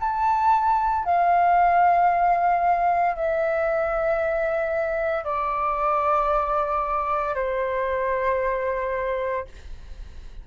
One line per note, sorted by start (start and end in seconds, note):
0.00 1.05 A5
1.05 3.16 F5
3.16 5.24 E5
5.24 7.35 D5
7.35 9.45 C5